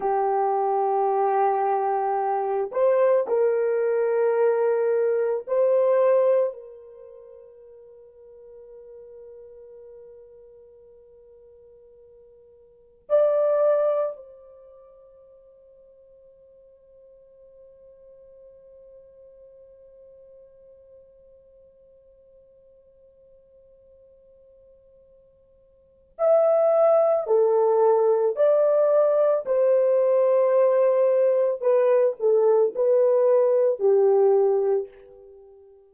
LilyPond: \new Staff \with { instrumentName = "horn" } { \time 4/4 \tempo 4 = 55 g'2~ g'8 c''8 ais'4~ | ais'4 c''4 ais'2~ | ais'1 | d''4 c''2.~ |
c''1~ | c''1 | e''4 a'4 d''4 c''4~ | c''4 b'8 a'8 b'4 g'4 | }